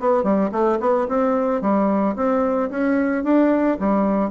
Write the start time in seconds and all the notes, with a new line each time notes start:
0.00 B3
0.23 G3
0.52 A3
0.80 B3
1.09 C4
1.62 G3
2.16 C4
2.70 C#4
3.24 D4
3.79 G3